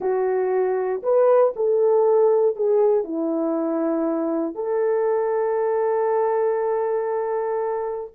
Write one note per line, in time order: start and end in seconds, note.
0.00 1.02 F#4
1.02 1.53 B4
1.56 2.56 A4
2.56 3.04 G#4
3.04 4.54 E4
4.54 8.10 A4